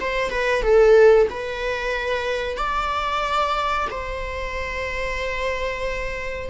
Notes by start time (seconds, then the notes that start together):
0.00 C5
0.30 B4
0.62 A4
1.30 B4
2.57 D5
3.90 C5